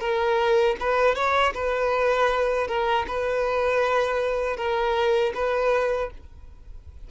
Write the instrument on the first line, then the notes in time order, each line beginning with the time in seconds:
violin
0.00 A#4
0.80 B4
1.15 C#5
1.54 B4
2.67 A#4
3.08 B4
4.57 A#4
5.34 B4